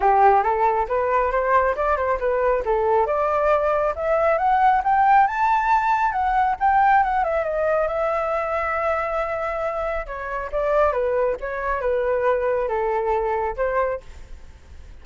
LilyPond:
\new Staff \with { instrumentName = "flute" } { \time 4/4 \tempo 4 = 137 g'4 a'4 b'4 c''4 | d''8 c''8 b'4 a'4 d''4~ | d''4 e''4 fis''4 g''4 | a''2 fis''4 g''4 |
fis''8 e''8 dis''4 e''2~ | e''2. cis''4 | d''4 b'4 cis''4 b'4~ | b'4 a'2 c''4 | }